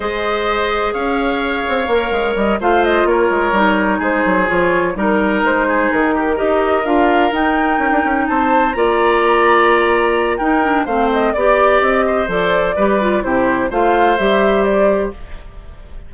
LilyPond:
<<
  \new Staff \with { instrumentName = "flute" } { \time 4/4 \tempo 4 = 127 dis''2 f''2~ | f''4 dis''8 f''8 dis''8 cis''4.~ | cis''8 c''4 cis''4 ais'4 c''8~ | c''8 ais'4 dis''4 f''4 g''8~ |
g''4. a''4 ais''4.~ | ais''2 g''4 f''8 dis''8 | d''4 dis''4 d''2 | c''4 f''4 e''4 d''4 | }
  \new Staff \with { instrumentName = "oboe" } { \time 4/4 c''2 cis''2~ | cis''4. c''4 ais'4.~ | ais'8 gis'2 ais'4. | gis'4 g'8 ais'2~ ais'8~ |
ais'4. c''4 d''4.~ | d''2 ais'4 c''4 | d''4. c''4. b'4 | g'4 c''2. | }
  \new Staff \with { instrumentName = "clarinet" } { \time 4/4 gis'1 | ais'4. f'2 dis'8~ | dis'4. f'4 dis'4.~ | dis'4. g'4 f'4 dis'8~ |
dis'2~ dis'8 f'4.~ | f'2 dis'8 d'8 c'4 | g'2 a'4 g'8 f'8 | e'4 f'4 g'2 | }
  \new Staff \with { instrumentName = "bassoon" } { \time 4/4 gis2 cis'4. c'8 | ais8 gis8 g8 a4 ais8 gis8 g8~ | g8 gis8 fis8 f4 g4 gis8~ | gis8 dis4 dis'4 d'4 dis'8~ |
dis'8 cis'16 d'16 cis'8 c'4 ais4.~ | ais2 dis'4 a4 | b4 c'4 f4 g4 | c4 a4 g2 | }
>>